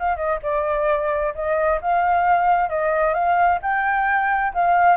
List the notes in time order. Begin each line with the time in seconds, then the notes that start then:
0.00 F5
0.17 D#5
0.43 D5
1.35 D#5
1.82 F5
2.70 D#5
3.14 F5
3.63 G5
4.54 F5